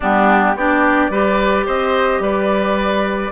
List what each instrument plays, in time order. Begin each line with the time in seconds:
0.00 bassoon G3, clarinet B3, oboe D4, flute G4
0.55 bassoon B3, clarinet D4, oboe G4, flute D5
1.09 bassoon G3, clarinet G4, oboe B4
1.66 bassoon C4, oboe C5, flute D#5
2.19 bassoon G3, oboe B4, flute D5